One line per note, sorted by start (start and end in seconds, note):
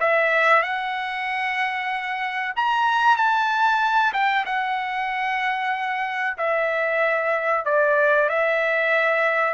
0.00 0.62 E5
0.62 2.54 F#5
2.56 3.17 A#5
3.17 4.13 A5
4.13 4.45 G5
4.46 6.37 F#5
6.37 7.65 E5
7.65 8.29 D5
8.29 9.54 E5